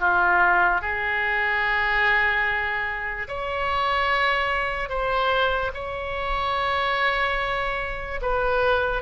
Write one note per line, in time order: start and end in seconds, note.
0.00 0.81 F4
0.81 3.28 G#4
3.28 4.89 C#5
4.89 5.72 C5
5.74 8.21 C#5
8.22 9.03 B4